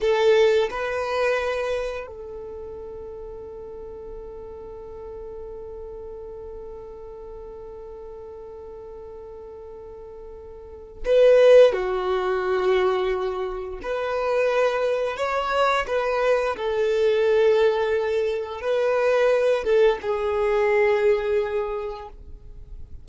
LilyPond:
\new Staff \with { instrumentName = "violin" } { \time 4/4 \tempo 4 = 87 a'4 b'2 a'4~ | a'1~ | a'1~ | a'1 |
b'4 fis'2. | b'2 cis''4 b'4 | a'2. b'4~ | b'8 a'8 gis'2. | }